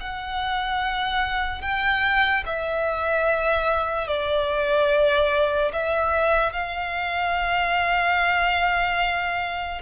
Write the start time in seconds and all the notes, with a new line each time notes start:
0.00 F#5
1.62 G5
2.46 E5
4.08 D5
5.73 E5
6.53 F5